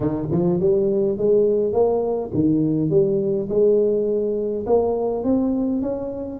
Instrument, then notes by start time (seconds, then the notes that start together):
tuba
0.00 D#3
0.31 F3
0.60 G3
1.17 G#3
1.72 A#3
2.34 D#3
2.90 G3
3.49 G#3
4.66 A#3
5.24 C4
5.81 C#4